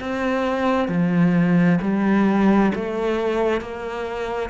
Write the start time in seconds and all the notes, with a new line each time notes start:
0.00 C4
0.88 F3
1.82 G3
2.75 A3
3.62 A#3